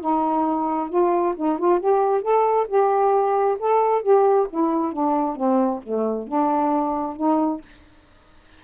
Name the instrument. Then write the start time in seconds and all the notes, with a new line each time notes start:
saxophone
0.00 D#4
0.90 F4
1.36 D#4
1.59 F4
1.80 G4
2.22 A4
2.68 G4
3.59 A4
4.02 G4
4.50 E4
4.93 D4
5.36 C4
5.83 A3
6.27 D4
7.16 D#4